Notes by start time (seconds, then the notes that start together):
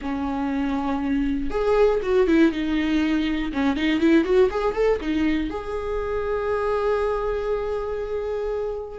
0.01 C#4
1.50 G#4
2.02 F#4
2.27 E4
2.51 D#4
3.52 C#4
3.76 D#4
4.00 E4
4.24 F#4
4.50 G#4
4.74 A4
5.00 D#4
5.50 G#4